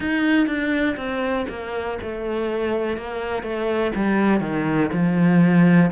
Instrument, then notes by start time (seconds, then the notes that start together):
cello
0.00 D#4
0.46 D4
0.97 C4
1.49 A#3
2.02 A3
2.97 A#3
3.42 A3
3.95 G3
4.40 D#3
4.92 F3